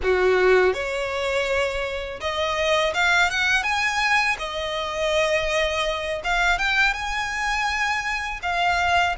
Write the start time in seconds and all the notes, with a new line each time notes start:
0.02 F#4
0.73 C#5
2.20 D#5
2.94 F5
3.30 F#5
3.63 G#5
4.39 D#5
6.24 F5
6.58 G5
6.93 G#5
8.42 F5